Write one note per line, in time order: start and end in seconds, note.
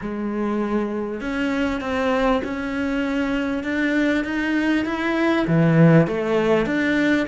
0.01 1.20 G#3
1.20 1.80 C#4
1.80 2.41 C4
2.44 3.63 C#4
3.63 4.24 D4
4.24 4.85 D#4
4.85 5.45 E4
5.47 6.07 E3
6.07 6.66 A3
6.66 7.26 D4